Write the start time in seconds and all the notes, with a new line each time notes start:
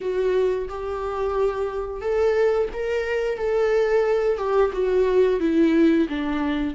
0.00 F#4
0.68 G4
2.01 A4
2.73 A#4
3.37 A4
4.37 G4
4.72 F#4
5.40 E4
6.08 D4